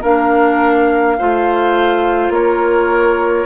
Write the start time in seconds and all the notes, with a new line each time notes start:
0.00 A#3 D4 A#4 F5
1.18 A3 F4 C5
2.29 A#3 A#4 C#5